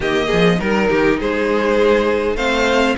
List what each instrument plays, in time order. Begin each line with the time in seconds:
0.00 cello D#3, viola A#3, violin G4 D#5
0.26 cello F3, violin G#4
0.59 cello G3, viola D#4, violin A#4
0.89 cello D#3, violin G4
1.19 cello G#3, violin G#4 C5
2.35 cello A3, viola C4, violin C5 F5